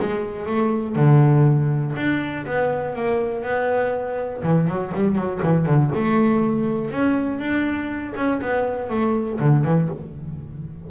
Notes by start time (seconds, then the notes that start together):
0.00 G#3
0.46 A3
0.95 D3
1.96 D4
2.46 B3
2.95 A#3
3.43 B3
4.43 E3
4.67 F#3
4.95 G3
5.15 F#3
5.43 E3
5.66 D3
5.95 A3
6.91 C#4
7.39 D4
8.16 C#4
8.42 B3
8.90 A3
9.39 D3
9.64 E3